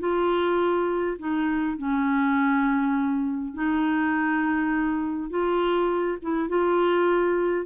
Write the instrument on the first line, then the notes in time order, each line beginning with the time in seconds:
clarinet
0.00 F4
1.19 D#4
1.78 C#4
3.55 D#4
5.30 F4
6.22 E4
6.49 F4